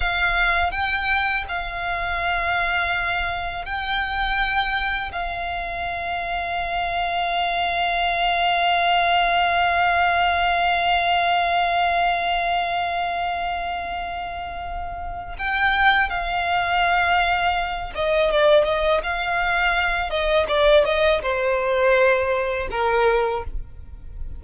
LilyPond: \new Staff \with { instrumentName = "violin" } { \time 4/4 \tempo 4 = 82 f''4 g''4 f''2~ | f''4 g''2 f''4~ | f''1~ | f''1~ |
f''1~ | f''4 g''4 f''2~ | f''8 dis''8 d''8 dis''8 f''4. dis''8 | d''8 dis''8 c''2 ais'4 | }